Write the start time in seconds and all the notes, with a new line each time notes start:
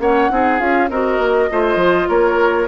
0.00 A#3 C#4 C#5 F#5
0.30 C4 D#4 G#4
0.59 C#4 F4 F5
0.90 C4 F#4 A#4 D#5
1.19 A#3
1.50 A3 F4 C5
1.76 F3
2.09 A#3 A#4 C#5